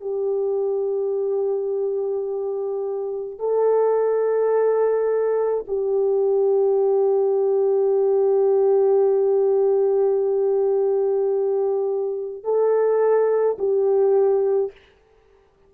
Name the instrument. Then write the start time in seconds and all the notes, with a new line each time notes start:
horn
0.00 G4
3.39 A4
5.67 G4
12.43 A4
13.58 G4